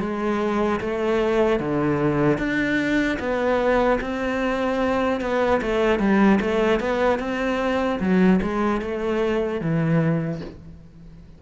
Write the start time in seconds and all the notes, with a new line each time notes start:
0.00 G#3
0.80 A3
1.59 D3
2.38 D4
3.19 B3
4.01 C4
5.21 B3
5.62 A3
5.99 G3
6.41 A3
6.80 B3
7.19 C4
8.00 F#3
8.42 G#3
8.81 A3
9.61 E3